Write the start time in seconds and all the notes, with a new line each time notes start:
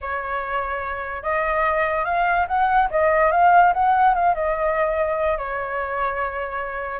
0.01 C#5
1.22 D#5
2.04 F5
2.47 F#5
2.90 D#5
3.31 F5
3.73 F#5
4.14 F5
4.34 D#5
5.37 C#5